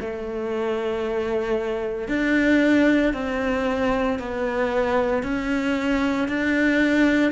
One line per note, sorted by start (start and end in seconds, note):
0.00 2.08 A3
2.08 3.13 D4
3.13 4.19 C4
4.19 5.23 B3
5.23 6.28 C#4
6.28 7.32 D4